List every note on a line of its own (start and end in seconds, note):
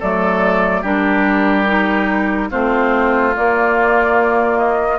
0.00 0.84 F#3
0.00 0.85 A3
0.00 0.82 A4
0.00 0.84 D5
0.82 2.51 G3
0.82 1.67 D4
0.82 2.49 G4
0.82 2.51 A#4
1.67 2.50 D#4
2.51 3.37 A3
2.51 3.34 C4
2.51 5.00 F4
2.51 3.35 C5
3.36 5.00 A#3
3.36 4.59 D5
4.59 5.00 D#5